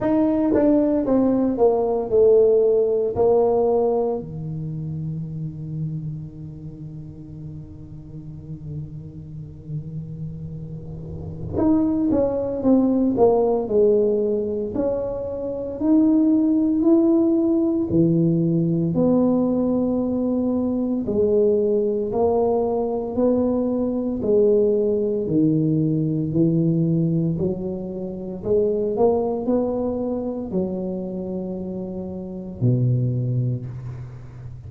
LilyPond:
\new Staff \with { instrumentName = "tuba" } { \time 4/4 \tempo 4 = 57 dis'8 d'8 c'8 ais8 a4 ais4 | dis1~ | dis2. dis'8 cis'8 | c'8 ais8 gis4 cis'4 dis'4 |
e'4 e4 b2 | gis4 ais4 b4 gis4 | dis4 e4 fis4 gis8 ais8 | b4 fis2 b,4 | }